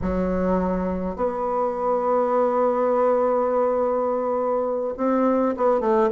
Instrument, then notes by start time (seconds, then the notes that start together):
bassoon
0.01 F#3
1.15 B3
4.97 C4
5.56 B3
5.80 A3